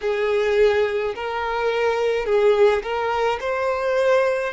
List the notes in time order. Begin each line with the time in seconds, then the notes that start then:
0.01 G#4
1.15 A#4
2.25 G#4
2.83 A#4
3.40 C5